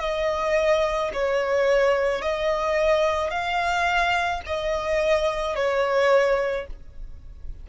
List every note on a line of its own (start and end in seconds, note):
0.00 1.11 D#5
1.13 2.22 C#5
2.22 3.30 D#5
3.30 4.41 F5
4.46 5.56 D#5
5.56 6.67 C#5